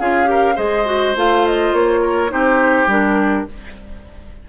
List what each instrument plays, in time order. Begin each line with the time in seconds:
0.00 bassoon C#4, clarinet F4, oboe G#4, flute F5
0.25 clarinet G4, oboe A#4
0.55 bassoon G#3, clarinet G#4, oboe C5, flute D#5
0.85 clarinet F#4
1.16 bassoon A3, clarinet F4, flute F5
1.47 flute D#5
1.73 bassoon A#3, flute C#5
2.02 oboe A#4
2.29 bassoon C4, clarinet D#4, oboe G4, flute C5
2.87 bassoon G3, clarinet D4, flute A#4